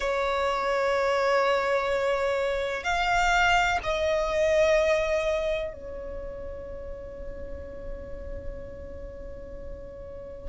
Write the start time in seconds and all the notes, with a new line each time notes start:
0.00 C#5
2.83 F5
3.83 D#5
5.73 C#5